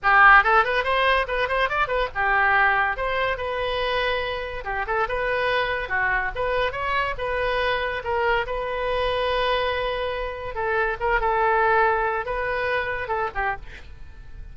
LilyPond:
\new Staff \with { instrumentName = "oboe" } { \time 4/4 \tempo 4 = 142 g'4 a'8 b'8 c''4 b'8 c''8 | d''8 b'8 g'2 c''4 | b'2. g'8 a'8 | b'2 fis'4 b'4 |
cis''4 b'2 ais'4 | b'1~ | b'4 a'4 ais'8 a'4.~ | a'4 b'2 a'8 g'8 | }